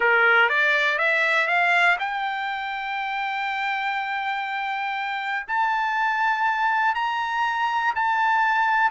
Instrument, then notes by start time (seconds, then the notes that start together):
trumpet
0.00 A#4
0.49 D5
0.98 E5
1.47 F5
1.99 G5
5.47 A5
6.94 A#5
7.95 A5